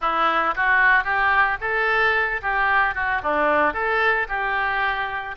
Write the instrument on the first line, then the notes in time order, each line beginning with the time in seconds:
oboe
0.01 E4
0.55 F#4
1.03 G4
1.60 A4
2.41 G4
2.94 F#4
3.23 D4
3.73 A4
4.28 G4